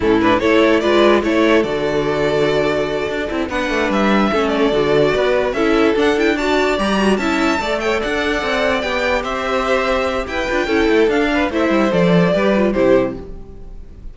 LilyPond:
<<
  \new Staff \with { instrumentName = "violin" } { \time 4/4 \tempo 4 = 146 a'8 b'8 cis''4 d''4 cis''4 | d''1~ | d''8 fis''4 e''4. d''4~ | d''4. e''4 fis''8 g''8 a''8~ |
a''8 ais''4 a''4. g''8 fis''8~ | fis''4. g''4 e''4.~ | e''4 g''2 f''4 | e''4 d''2 c''4 | }
  \new Staff \with { instrumentName = "violin" } { \time 4/4 e'4 a'4 b'4 a'4~ | a'1~ | a'8 b'2 a'4.~ | a'8 b'4 a'2 d''8~ |
d''4. e''4 d''8 cis''8 d''8~ | d''2~ d''8 c''4.~ | c''4 b'4 a'4. b'8 | c''2 b'4 g'4 | }
  \new Staff \with { instrumentName = "viola" } { \time 4/4 cis'8 d'8 e'4 f'4 e'4 | fis'1 | e'8 d'2 cis'4 fis'8~ | fis'4. e'4 d'8 e'8 fis'8~ |
fis'8 g'8 fis'8 e'4 a'4.~ | a'4. g'2~ g'8~ | g'4. f'8 e'4 d'4 | e'4 a'4 g'8 f'8 e'4 | }
  \new Staff \with { instrumentName = "cello" } { \time 4/4 a,4 a4 gis4 a4 | d2.~ d8 d'8 | c'8 b8 a8 g4 a4 d8~ | d8 b4 cis'4 d'4.~ |
d'8 g4 cis'4 a4 d'8~ | d'8 c'4 b4 c'4.~ | c'4 e'8 d'8 cis'8 a8 d'4 | a8 g8 f4 g4 c4 | }
>>